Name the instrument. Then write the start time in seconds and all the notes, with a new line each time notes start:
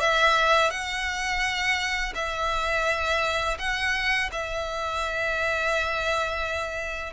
violin
0.00 E5
0.70 F#5
2.15 E5
3.59 F#5
4.32 E5